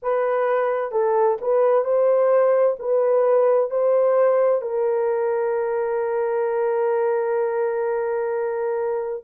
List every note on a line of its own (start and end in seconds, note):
0.02 0.91 B4
0.91 1.37 A4
1.41 1.84 B4
1.84 2.76 C5
2.79 3.70 B4
3.70 4.62 C5
4.62 9.23 A#4